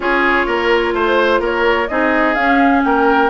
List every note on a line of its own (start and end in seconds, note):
0.00 0.46 C#4
0.00 1.88 F4
0.00 0.46 G#4
0.00 0.94 C#5
0.46 0.93 A#3
0.46 0.93 A#4
0.93 1.39 A3
0.93 1.40 C5
0.93 1.42 C5
1.39 1.87 A#3
1.39 1.87 A#4
1.39 1.87 C#5
1.87 2.35 C4
1.87 2.36 D#4
1.87 2.85 G#4
1.87 2.34 D#5
2.34 2.82 C#4
2.34 3.30 C#4
2.34 2.81 F5
2.83 3.30 A#3
2.83 3.30 A#4
2.83 3.30 G5